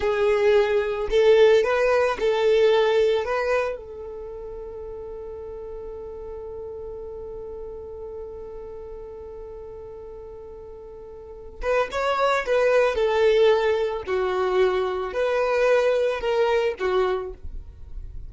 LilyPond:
\new Staff \with { instrumentName = "violin" } { \time 4/4 \tempo 4 = 111 gis'2 a'4 b'4 | a'2 b'4 a'4~ | a'1~ | a'1~ |
a'1~ | a'4. b'8 cis''4 b'4 | a'2 fis'2 | b'2 ais'4 fis'4 | }